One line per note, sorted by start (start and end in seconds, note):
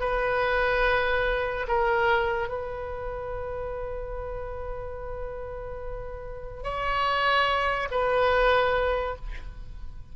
0.00 1.67 B4
1.68 2.49 A#4
2.49 6.64 B4
6.64 7.89 C#5
7.91 9.16 B4